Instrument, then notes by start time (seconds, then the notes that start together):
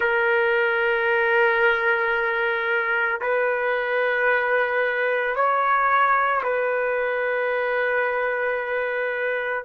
trumpet
0.00 A#4
3.21 B4
5.35 C#5
6.43 B4